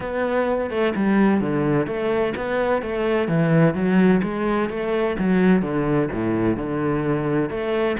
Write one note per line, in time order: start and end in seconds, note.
0.00 0.70 B3
0.70 0.93 A3
0.95 1.41 G3
1.41 1.86 D3
1.86 2.33 A3
2.36 2.81 B3
2.81 3.28 A3
3.28 3.74 E3
3.74 4.21 F#3
4.23 4.69 G#3
4.69 5.16 A3
5.18 5.61 F#3
5.61 6.08 D3
6.12 6.56 A2
6.56 7.49 D3
7.49 7.96 A3